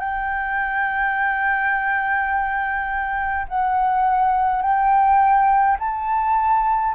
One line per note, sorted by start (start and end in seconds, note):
0.00 3.46 G5
3.49 4.63 F#5
4.63 5.78 G5
5.80 6.95 A5